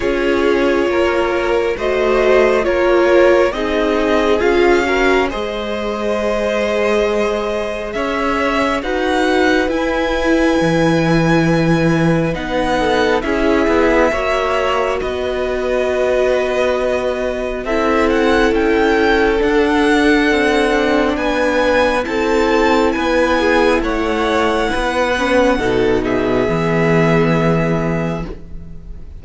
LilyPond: <<
  \new Staff \with { instrumentName = "violin" } { \time 4/4 \tempo 4 = 68 cis''2 dis''4 cis''4 | dis''4 f''4 dis''2~ | dis''4 e''4 fis''4 gis''4~ | gis''2 fis''4 e''4~ |
e''4 dis''2. | e''8 fis''8 g''4 fis''2 | gis''4 a''4 gis''4 fis''4~ | fis''4. e''2~ e''8 | }
  \new Staff \with { instrumentName = "violin" } { \time 4/4 gis'4 ais'4 c''4 ais'4 | gis'4. ais'8 c''2~ | c''4 cis''4 b'2~ | b'2~ b'8 a'8 gis'4 |
cis''4 b'2. | a'1 | b'4 a'4 b'8 gis'8 cis''4 | b'4 a'8 gis'2~ gis'8 | }
  \new Staff \with { instrumentName = "viola" } { \time 4/4 f'2 fis'4 f'4 | dis'4 f'8 fis'8 gis'2~ | gis'2 fis'4 e'4~ | e'2 dis'4 e'4 |
fis'1 | e'2 d'2~ | d'4 e'2.~ | e'8 cis'8 dis'4 b2 | }
  \new Staff \with { instrumentName = "cello" } { \time 4/4 cis'4 ais4 a4 ais4 | c'4 cis'4 gis2~ | gis4 cis'4 dis'4 e'4 | e2 b4 cis'8 b8 |
ais4 b2. | c'4 cis'4 d'4 c'4 | b4 c'4 b4 a4 | b4 b,4 e2 | }
>>